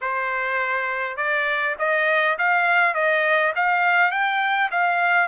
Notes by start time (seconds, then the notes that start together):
0.01 C5
1.16 D5
1.78 D#5
2.38 F5
2.94 D#5
3.55 F5
4.11 G5
4.71 F5